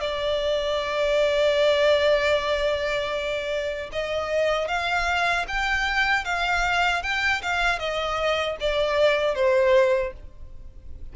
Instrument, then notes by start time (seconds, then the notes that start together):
violin
0.00 D5
3.92 D#5
4.68 F5
5.48 G5
6.24 F5
7.03 G5
7.42 F5
7.79 D#5
8.60 D5
9.35 C5